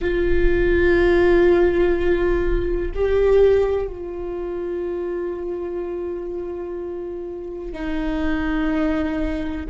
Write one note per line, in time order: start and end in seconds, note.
0.01 2.91 F4
2.94 3.87 G4
3.87 7.72 F4
7.72 9.66 D#4